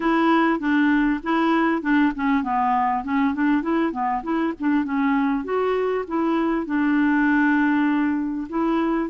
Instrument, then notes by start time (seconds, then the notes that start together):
clarinet
0.00 E4
0.59 D4
1.23 E4
1.82 D4
2.15 C#4
2.43 B3
3.04 C#4
3.34 D4
3.62 E4
3.92 B3
4.23 E4
4.59 D4
4.84 C#4
5.44 F#4
6.07 E4
6.66 D4
8.49 E4